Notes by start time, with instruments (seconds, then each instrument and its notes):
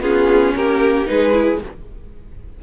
0.00 cello B3, viola C#4, violin F4 G#4
0.55 cello A#3, violin G4 A#4
1.06 cello G#3, viola D#4, violin G#4 B4
1.32 viola E4